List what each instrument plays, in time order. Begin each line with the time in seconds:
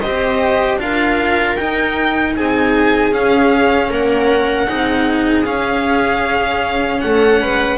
0.00 double bass C4, cello G4, viola C5, violin D#5
0.78 double bass D4, cello F4, viola A#4, violin F5
1.56 double bass D#4, cello D#4, violin G5
2.36 double bass C4, viola G#4, violin G#5
3.12 cello C#4, double bass C#4, violin F5
3.90 double bass A#3, viola A#4, violin F#5
4.67 double bass C4, cello D#4, viola G#4
5.45 cello C#4, double bass C#4, violin F5
7.01 double bass A3, viola A4, violin F#5
7.42 double bass G#3, viola B4